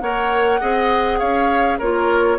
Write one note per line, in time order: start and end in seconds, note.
0.00 0.60 A#3
0.00 0.61 A#4
0.00 0.60 C#5
0.00 1.19 F#5
0.60 1.21 C4
0.60 1.79 G#4
0.60 1.19 D#5
1.19 1.80 C#4
1.19 1.78 C#5
1.19 1.78 F5
1.78 2.38 A#3
1.78 2.38 F4
1.78 2.37 A#4
1.78 2.38 C#5